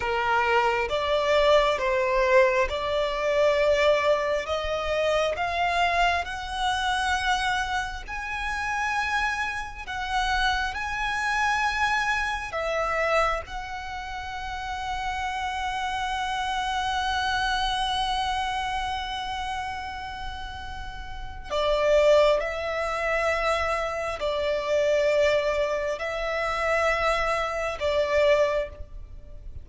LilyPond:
\new Staff \with { instrumentName = "violin" } { \time 4/4 \tempo 4 = 67 ais'4 d''4 c''4 d''4~ | d''4 dis''4 f''4 fis''4~ | fis''4 gis''2 fis''4 | gis''2 e''4 fis''4~ |
fis''1~ | fis''1 | d''4 e''2 d''4~ | d''4 e''2 d''4 | }